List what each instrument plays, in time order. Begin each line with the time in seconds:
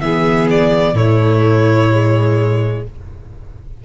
0.00 tuba E3, viola B3, violin G#4 E5
0.50 violin D5
0.93 tuba A2, viola A3, violin E4 C#5
1.91 viola G#3